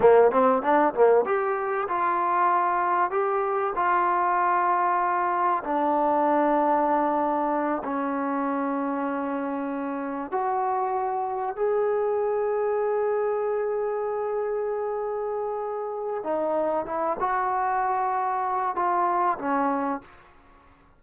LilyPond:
\new Staff \with { instrumentName = "trombone" } { \time 4/4 \tempo 4 = 96 ais8 c'8 d'8 ais8 g'4 f'4~ | f'4 g'4 f'2~ | f'4 d'2.~ | d'8 cis'2.~ cis'8~ |
cis'8 fis'2 gis'4.~ | gis'1~ | gis'2 dis'4 e'8 fis'8~ | fis'2 f'4 cis'4 | }